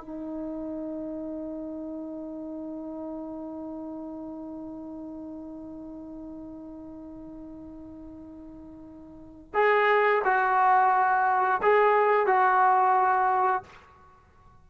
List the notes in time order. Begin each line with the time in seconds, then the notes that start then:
0.00 D#4
9.54 G#4
10.24 F#4
11.62 G#4
12.26 F#4